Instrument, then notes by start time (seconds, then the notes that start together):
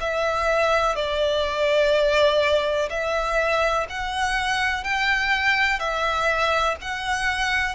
violin
0.00 E5
0.95 D5
2.90 E5
3.89 F#5
4.83 G5
5.79 E5
6.81 F#5